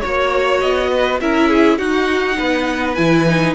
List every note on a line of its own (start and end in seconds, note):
0.00 0.62 A#3
0.00 1.19 F#4
0.00 0.59 C#5
0.00 0.90 C#5
0.60 1.20 B3
0.60 1.19 D#5
0.91 1.20 B4
1.20 1.78 C#4
1.20 1.80 E4
1.20 1.49 A#4
1.20 1.78 E5
1.49 1.78 G#4
1.78 2.37 D#4
1.78 2.96 D#4
1.78 2.37 F#4
1.78 2.94 F#5
2.38 2.97 B3
2.38 3.54 B4
2.94 3.54 E3
2.94 3.26 E4
2.94 3.53 G#5
3.27 3.54 D#4